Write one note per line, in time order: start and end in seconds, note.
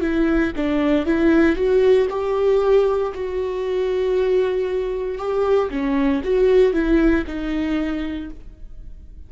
0.00 0.52 E4
0.56 1.05 D4
1.05 1.56 E4
1.56 2.07 F#4
2.09 3.13 G4
3.14 5.18 F#4
5.18 5.69 G4
5.70 6.22 C#4
6.24 6.72 F#4
6.72 7.24 E4
7.26 8.30 D#4